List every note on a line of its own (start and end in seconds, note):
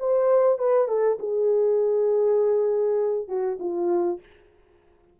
0.00 0.59 C5
0.59 0.88 B4
0.88 1.18 A4
1.19 3.28 G#4
3.28 3.58 F#4
3.60 4.20 F4